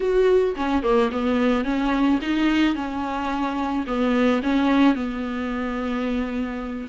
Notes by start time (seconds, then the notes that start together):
0.00 F#4
0.56 C#4
0.83 A#3
1.11 B3
1.64 C#4
2.21 D#4
2.75 C#4
3.86 B3
4.42 C#4
4.94 B3